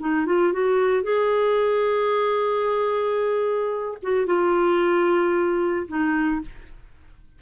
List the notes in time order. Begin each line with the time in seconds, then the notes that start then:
0.00 D#4
0.26 F4
0.53 F#4
1.03 G#4
4.03 F#4
4.26 F4
5.88 D#4